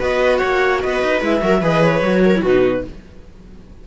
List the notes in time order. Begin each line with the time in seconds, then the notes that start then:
0.00 B3 F#4 B4 D#5
0.37 C#5 F#5
0.43 A#3
0.82 B3 B4 D#5
1.03 D#4
1.21 G#3 E4 E5
1.42 F#3 F#4 A#4
1.61 E3 G#4 B4 D#5
1.83 C#5
2.02 F#3 F#4
2.25 A#4
2.36 E4 F#4
2.44 B2 D#4 B4